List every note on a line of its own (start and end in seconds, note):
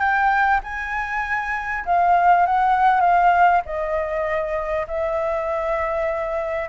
0.00 0.61 G5
0.64 1.85 G#5
1.86 2.47 F5
2.47 3.01 F#5
3.01 3.62 F5
3.66 4.87 D#5
4.88 6.69 E5